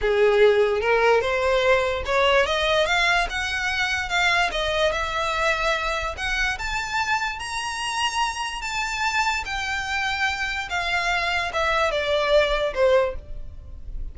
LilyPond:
\new Staff \with { instrumentName = "violin" } { \time 4/4 \tempo 4 = 146 gis'2 ais'4 c''4~ | c''4 cis''4 dis''4 f''4 | fis''2 f''4 dis''4 | e''2. fis''4 |
a''2 ais''2~ | ais''4 a''2 g''4~ | g''2 f''2 | e''4 d''2 c''4 | }